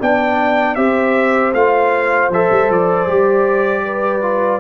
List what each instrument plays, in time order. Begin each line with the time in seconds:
0.00 tuba B3, trombone D4, horn D5, trumpet G5
0.75 tuba C4, trombone G4, horn C5, trumpet E5
1.53 tuba A3, trombone F4, trumpet F5
2.29 tuba F3, trombone A4, trumpet E5
2.50 tuba G3
2.70 tuba F3, trumpet D5
3.07 tuba G3, trombone G4
3.85 horn B4
4.22 trombone F4